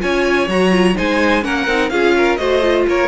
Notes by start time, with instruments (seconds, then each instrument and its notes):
0.00 cello C#4, viola F4, violin C#5 G#5
0.48 cello F#3, viola F#4, violin A#5
0.72 viola F4
0.95 cello G#3, viola D#4, violin C5 G#5
1.42 cello A#3, viola C#4, violin A#4 F#5
1.68 cello C4, viola D#4
1.90 cello C#4, viola F4, violin G#4 F5
2.17 violin A#4
2.37 cello A3, viola F#4, violin C5 D#5
2.62 viola F4
2.88 cello A#3, violin A#4 C#5